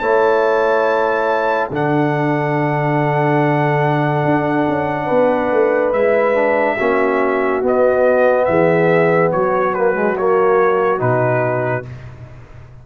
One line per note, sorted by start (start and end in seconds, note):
0.00 1.70 A3
0.00 1.71 E4
0.00 1.70 C#5
0.00 1.69 A5
1.70 4.25 D3
1.70 5.95 D4
1.70 5.06 A4
1.70 5.93 F#5
4.25 4.67 D4
4.68 5.11 C#4
5.06 5.52 B3
5.06 6.75 B4
5.52 5.93 A3
5.93 6.78 G#3
5.93 6.35 E4
5.93 7.62 E5
6.35 6.77 D4
6.77 7.63 A#3
6.77 7.63 C#4
6.77 8.46 F#4
7.63 8.47 B3
7.63 9.74 B3
7.63 8.46 D#5
8.46 9.33 E3
8.46 9.33 G#4
8.46 9.30 E5
9.32 11.02 F#3
9.32 11.87 F#4
9.32 9.75 C#5
9.75 9.95 A#3
9.75 10.17 B4
9.95 10.16 G#3
10.17 10.99 A#3
10.17 11.01 C#5
10.99 11.86 B2
10.99 11.83 D#4
10.99 11.86 B4